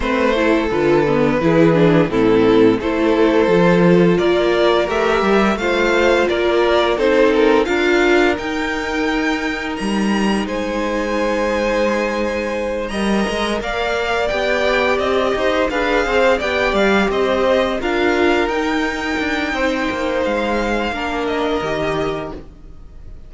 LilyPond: <<
  \new Staff \with { instrumentName = "violin" } { \time 4/4 \tempo 4 = 86 c''4 b'2 a'4 | c''2 d''4 e''4 | f''4 d''4 c''8 ais'8 f''4 | g''2 ais''4 gis''4~ |
gis''2~ gis''8 ais''4 f''8~ | f''8 g''4 dis''4 f''4 g''8 | f''8 dis''4 f''4 g''4.~ | g''4 f''4. dis''4. | }
  \new Staff \with { instrumentName = "violin" } { \time 4/4 b'8 a'4. gis'4 e'4 | a'2 ais'2 | c''4 ais'4 a'4 ais'4~ | ais'2. c''4~ |
c''2~ c''8 dis''4 d''8~ | d''2 c''8 b'8 c''8 d''8~ | d''8 c''4 ais'2~ ais'8 | c''2 ais'2 | }
  \new Staff \with { instrumentName = "viola" } { \time 4/4 c'8 e'8 f'8 b8 e'8 d'8 c'4 | e'4 f'2 g'4 | f'2 dis'4 f'4 | dis'1~ |
dis'2~ dis'8 ais'4.~ | ais'8 g'2 gis'4 g'8~ | g'4. f'4 dis'4.~ | dis'2 d'4 g'4 | }
  \new Staff \with { instrumentName = "cello" } { \time 4/4 a4 d4 e4 a,4 | a4 f4 ais4 a8 g8 | a4 ais4 c'4 d'4 | dis'2 g4 gis4~ |
gis2~ gis8 g8 gis8 ais8~ | ais8 b4 c'8 dis'8 d'8 c'8 b8 | g8 c'4 d'4 dis'4 d'8 | c'8 ais8 gis4 ais4 dis4 | }
>>